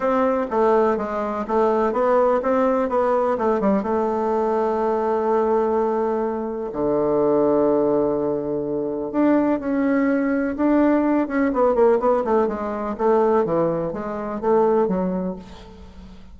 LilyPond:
\new Staff \with { instrumentName = "bassoon" } { \time 4/4 \tempo 4 = 125 c'4 a4 gis4 a4 | b4 c'4 b4 a8 g8 | a1~ | a2 d2~ |
d2. d'4 | cis'2 d'4. cis'8 | b8 ais8 b8 a8 gis4 a4 | e4 gis4 a4 fis4 | }